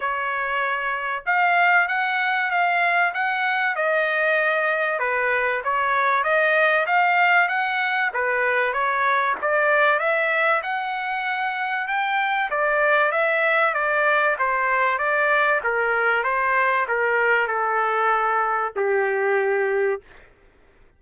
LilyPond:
\new Staff \with { instrumentName = "trumpet" } { \time 4/4 \tempo 4 = 96 cis''2 f''4 fis''4 | f''4 fis''4 dis''2 | b'4 cis''4 dis''4 f''4 | fis''4 b'4 cis''4 d''4 |
e''4 fis''2 g''4 | d''4 e''4 d''4 c''4 | d''4 ais'4 c''4 ais'4 | a'2 g'2 | }